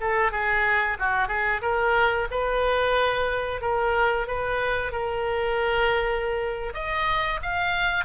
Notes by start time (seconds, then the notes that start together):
0.00 A4
0.31 G#4
0.99 F#4
1.28 G#4
1.61 A#4
2.30 B4
3.61 A#4
4.27 B4
4.92 A#4
6.74 D#5
7.42 F5